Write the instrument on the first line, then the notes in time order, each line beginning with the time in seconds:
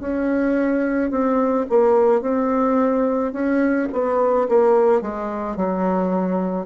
bassoon
0.00 C#4
1.11 C4
1.69 A#3
2.22 C4
3.32 C#4
3.92 B3
4.48 A#3
5.02 G#3
5.56 F#3